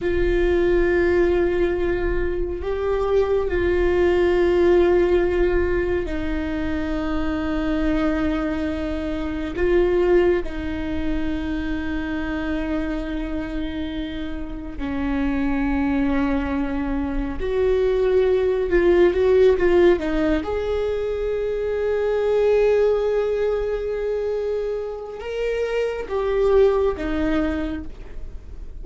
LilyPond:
\new Staff \with { instrumentName = "viola" } { \time 4/4 \tempo 4 = 69 f'2. g'4 | f'2. dis'4~ | dis'2. f'4 | dis'1~ |
dis'4 cis'2. | fis'4. f'8 fis'8 f'8 dis'8 gis'8~ | gis'1~ | gis'4 ais'4 g'4 dis'4 | }